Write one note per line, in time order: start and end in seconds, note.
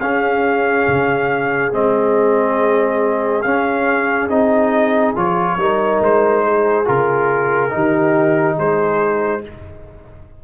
0.00 0.86 C#4
0.00 1.73 C#4
0.00 5.58 G#4
0.00 1.72 F5
0.87 1.73 C#3
1.73 3.45 G#3
1.73 3.44 C4
1.73 3.42 D#5
3.42 4.29 C#4
3.42 4.30 C#4
3.42 4.28 F5
4.29 5.14 C4
4.29 5.16 D#4
4.29 5.15 D#5
5.16 5.56 F3
5.16 5.59 F4
5.16 6.03 C#5
5.56 5.99 G3
5.56 6.85 D#4
5.56 6.45 A#4
6.01 6.86 G#3
6.01 6.88 C5
6.45 7.74 G#4
6.85 7.74 C#3
6.85 7.70 F4
6.85 8.59 A#4
7.70 8.58 D#3
7.70 9.41 D#4
7.70 8.57 G4
8.57 9.44 G#3
8.57 9.42 G#4
8.57 9.44 C5